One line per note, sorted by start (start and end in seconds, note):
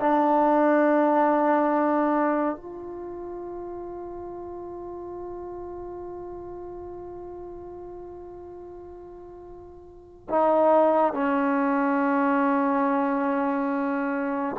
0.00 2.56 D4
2.56 10.28 F4
10.30 11.14 D#4
11.14 14.56 C#4